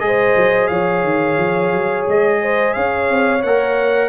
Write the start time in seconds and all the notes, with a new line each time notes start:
0.00 G#3 G#4 D#5
0.06 C5
0.37 F#3
0.68 F3 C#5 F5
1.04 D#3
1.38 F3
1.73 F#3
2.08 G#3 D#5
2.42 C5
2.74 C#4 C#5 F5
3.10 C4
3.43 A#3 A#4 F#5